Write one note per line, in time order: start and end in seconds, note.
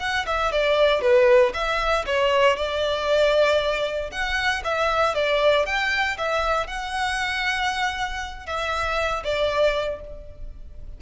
0.00 0.26 F#5
0.27 0.52 E5
0.52 1.02 D5
1.02 1.53 B4
1.54 2.05 E5
2.07 2.57 C#5
2.57 4.11 D5
4.12 4.63 F#5
4.65 5.15 E5
5.15 5.66 D5
5.66 6.17 G5
6.18 6.68 E5
6.68 8.47 F#5
8.47 9.24 E5
9.24 10.01 D5